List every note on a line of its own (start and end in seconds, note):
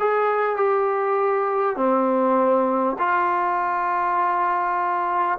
0.00 0.56 G#4
0.56 1.76 G4
1.76 2.96 C4
2.98 5.38 F4